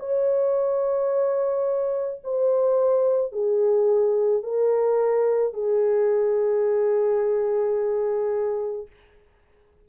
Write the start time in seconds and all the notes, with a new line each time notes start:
0.00 C#5
2.24 C5
3.32 G#4
4.43 A#4
5.54 G#4